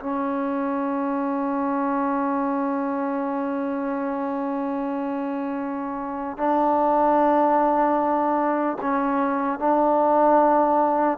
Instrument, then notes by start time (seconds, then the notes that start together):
trombone
0.00 C#4
6.37 D4
8.82 C#4
9.59 D4